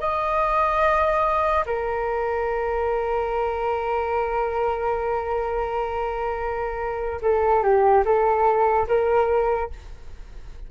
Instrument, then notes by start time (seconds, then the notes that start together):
flute
0.00 D#5
1.66 A#4
7.22 A4
7.63 G4
8.05 A4
8.88 A#4